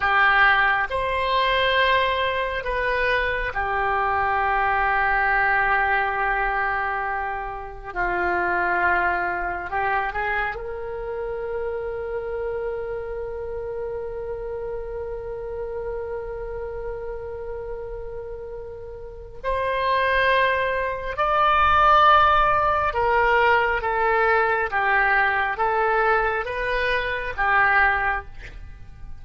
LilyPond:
\new Staff \with { instrumentName = "oboe" } { \time 4/4 \tempo 4 = 68 g'4 c''2 b'4 | g'1~ | g'4 f'2 g'8 gis'8 | ais'1~ |
ais'1~ | ais'2 c''2 | d''2 ais'4 a'4 | g'4 a'4 b'4 g'4 | }